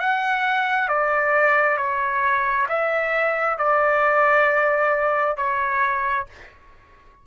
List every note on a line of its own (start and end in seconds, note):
0.00 0.89 F#5
0.89 1.77 D5
1.77 2.67 C#5
2.69 3.58 E5
3.58 5.37 D5
5.37 6.27 C#5